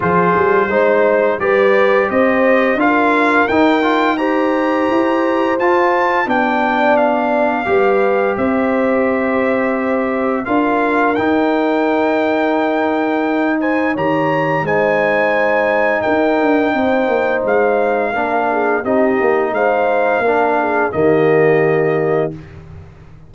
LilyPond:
<<
  \new Staff \with { instrumentName = "trumpet" } { \time 4/4 \tempo 4 = 86 c''2 d''4 dis''4 | f''4 g''4 ais''2 | a''4 g''4 f''2 | e''2. f''4 |
g''2.~ g''8 gis''8 | ais''4 gis''2 g''4~ | g''4 f''2 dis''4 | f''2 dis''2 | }
  \new Staff \with { instrumentName = "horn" } { \time 4/4 gis'4 c''4 b'4 c''4 | ais'2 c''2~ | c''4 d''2 b'4 | c''2. ais'4~ |
ais'2.~ ais'8 c''8 | cis''4 c''2 ais'4 | c''2 ais'8 gis'8 g'4 | c''4 ais'8 gis'8 g'2 | }
  \new Staff \with { instrumentName = "trombone" } { \time 4/4 f'4 dis'4 g'2 | f'4 dis'8 f'8 g'2 | f'4 d'2 g'4~ | g'2. f'4 |
dis'1 | g'4 dis'2.~ | dis'2 d'4 dis'4~ | dis'4 d'4 ais2 | }
  \new Staff \with { instrumentName = "tuba" } { \time 4/4 f8 g8 gis4 g4 c'4 | d'4 dis'2 e'4 | f'4 b2 g4 | c'2. d'4 |
dis'1 | dis4 gis2 dis'8 d'8 | c'8 ais8 gis4 ais4 c'8 ais8 | gis4 ais4 dis2 | }
>>